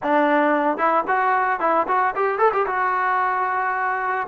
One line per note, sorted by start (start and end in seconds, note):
0.02 0.77 D4
0.77 1.04 E4
1.07 1.59 F#4
1.59 1.86 E4
1.87 2.14 F#4
2.15 2.38 G4
2.38 2.51 A4
2.52 2.66 G4
2.66 4.27 F#4